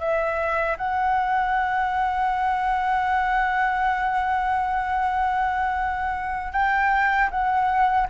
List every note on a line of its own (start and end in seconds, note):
0.00 0.77 E5
0.78 6.53 F#5
6.53 7.30 G5
7.31 8.08 F#5